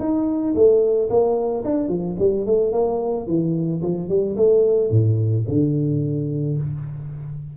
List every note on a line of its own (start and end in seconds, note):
0.00 0.55 D#4
0.55 1.10 A3
1.10 1.64 A#3
1.65 1.89 D4
1.89 2.16 F3
2.19 2.46 G3
2.46 2.72 A3
2.72 3.27 A#3
3.27 3.82 E3
3.83 4.09 F3
4.09 4.36 G3
4.37 4.91 A3
4.91 5.45 A2
5.48 6.58 D3